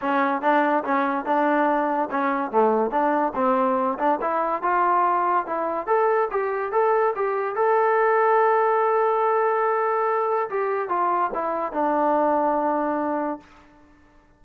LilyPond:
\new Staff \with { instrumentName = "trombone" } { \time 4/4 \tempo 4 = 143 cis'4 d'4 cis'4 d'4~ | d'4 cis'4 a4 d'4 | c'4. d'8 e'4 f'4~ | f'4 e'4 a'4 g'4 |
a'4 g'4 a'2~ | a'1~ | a'4 g'4 f'4 e'4 | d'1 | }